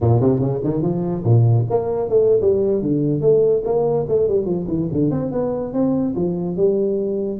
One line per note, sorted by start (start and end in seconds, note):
0.00 0.20 A#2
0.20 0.39 C3
0.39 0.60 C#3
0.63 0.82 D#3
0.82 1.23 F3
1.23 1.65 A#2
1.70 2.09 A#3
2.09 2.40 A3
2.41 2.82 G3
2.82 3.21 D3
3.21 3.62 A3
3.64 4.06 A#3
4.08 4.28 A3
4.28 4.45 G3
4.45 4.66 F3
4.68 4.88 E3
4.91 5.10 D3
5.10 5.31 C4
5.31 5.73 B3
5.73 6.14 C4
6.15 6.56 F3
6.56 7.40 G3